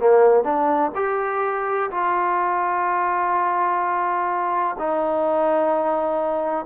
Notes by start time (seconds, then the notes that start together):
0.00 A#3
0.44 D4
0.95 G4
1.91 F4
4.79 D#4